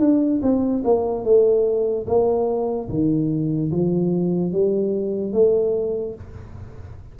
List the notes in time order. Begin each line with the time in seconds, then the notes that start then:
0.00 D4
0.43 C4
0.85 A#3
1.24 A3
2.07 A#3
2.89 D#3
3.72 F3
4.53 G3
5.33 A3